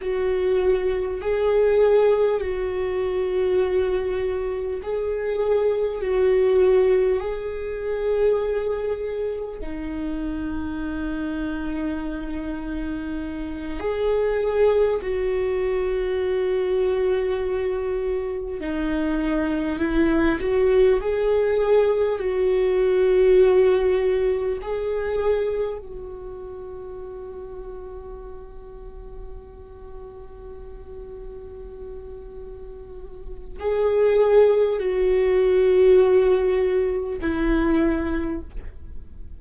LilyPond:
\new Staff \with { instrumentName = "viola" } { \time 4/4 \tempo 4 = 50 fis'4 gis'4 fis'2 | gis'4 fis'4 gis'2 | dis'2.~ dis'8 gis'8~ | gis'8 fis'2. dis'8~ |
dis'8 e'8 fis'8 gis'4 fis'4.~ | fis'8 gis'4 fis'2~ fis'8~ | fis'1 | gis'4 fis'2 e'4 | }